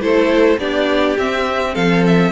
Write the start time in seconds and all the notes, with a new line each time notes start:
0.00 A3 E4 A4 C5
0.58 B3 D4 G4 D5
1.18 C4 E5
1.74 F3 A4 F5
2.06 E5